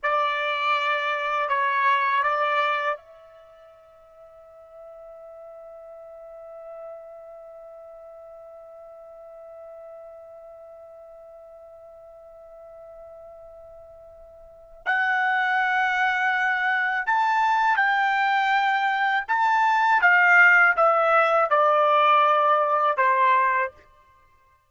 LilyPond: \new Staff \with { instrumentName = "trumpet" } { \time 4/4 \tempo 4 = 81 d''2 cis''4 d''4 | e''1~ | e''1~ | e''1~ |
e''1 | fis''2. a''4 | g''2 a''4 f''4 | e''4 d''2 c''4 | }